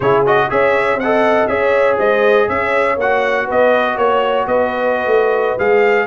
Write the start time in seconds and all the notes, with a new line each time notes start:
0.00 C#3 E4 G#4 C#5
0.26 F#4 D#5
0.49 C#4 G#4 C#5 E5
0.95 C4 F#5
1.02 A4 D#5
1.47 C#4 G#4 C#5 E5
1.97 G#3 C5 D#5
2.48 C#4 C#5 E5
2.97 A#3 F#4 F#5
3.45 B3 B4 D#5
3.96 A#3 C#5
4.47 B3 B4 D#5
5.06 A3
5.58 G#3 G#4 F5